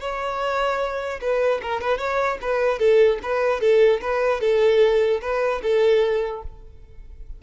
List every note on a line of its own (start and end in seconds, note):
0.00 1.20 C#5
1.21 1.61 B4
1.62 1.81 A#4
1.81 1.98 B4
1.98 2.38 C#5
2.41 2.79 B4
2.79 3.19 A4
3.22 3.60 B4
3.60 4.00 A4
4.01 4.40 B4
4.40 5.20 A4
5.21 5.61 B4
5.62 6.42 A4